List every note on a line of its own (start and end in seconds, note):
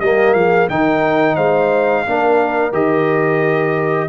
0.00 0.34 G3
0.00 0.69 A#3
0.00 0.35 G4
0.00 0.33 D#5
0.33 0.68 F3
0.33 0.69 G#4
0.33 0.67 F5
0.69 1.37 D#3
0.69 2.06 D#4
0.69 1.35 A#4
0.69 1.36 G5
1.35 2.05 G#3
1.35 2.03 C5
1.35 2.72 F5
2.06 2.72 A#3
2.06 2.72 D4
2.06 4.08 A#4
2.72 4.08 D#3
2.72 4.08 G4
2.72 4.08 D#5